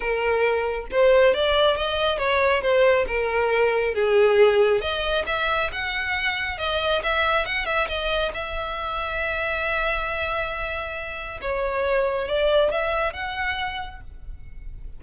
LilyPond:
\new Staff \with { instrumentName = "violin" } { \time 4/4 \tempo 4 = 137 ais'2 c''4 d''4 | dis''4 cis''4 c''4 ais'4~ | ais'4 gis'2 dis''4 | e''4 fis''2 dis''4 |
e''4 fis''8 e''8 dis''4 e''4~ | e''1~ | e''2 cis''2 | d''4 e''4 fis''2 | }